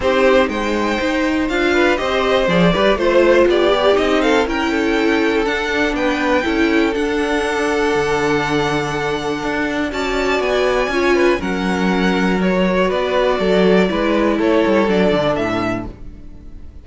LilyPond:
<<
  \new Staff \with { instrumentName = "violin" } { \time 4/4 \tempo 4 = 121 c''4 g''2 f''4 | dis''4 d''4 c''4 d''4 | dis''8 f''8 g''2 fis''4 | g''2 fis''2~ |
fis''1 | a''4 gis''2 fis''4~ | fis''4 cis''4 d''2~ | d''4 cis''4 d''4 e''4 | }
  \new Staff \with { instrumentName = "violin" } { \time 4/4 g'4 c''2~ c''8 b'8 | c''4. b'8 c''4 g'4~ | g'8 a'8 ais'8 a'2~ a'8 | b'4 a'2.~ |
a'1 | d''2 cis''8 b'8 ais'4~ | ais'2 b'4 a'4 | b'4 a'2. | }
  \new Staff \with { instrumentName = "viola" } { \time 4/4 dis'2. f'4 | g'4 gis'8 g'8 f'4. g'8 | dis'4 e'2 d'4~ | d'4 e'4 d'2~ |
d'1 | fis'2 f'4 cis'4~ | cis'4 fis'2. | e'2 d'2 | }
  \new Staff \with { instrumentName = "cello" } { \time 4/4 c'4 gis4 dis'4 d'4 | c'4 f8 g8 a4 b4 | c'4 cis'2 d'4 | b4 cis'4 d'2 |
d2. d'4 | cis'4 b4 cis'4 fis4~ | fis2 b4 fis4 | gis4 a8 g8 fis8 d8 a,4 | }
>>